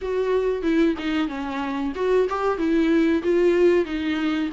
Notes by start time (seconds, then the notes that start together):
0.01 F#4
0.62 E4
0.98 D#4
1.28 C#4
1.95 F#4
2.29 G4
2.58 E4
3.23 F4
3.85 D#4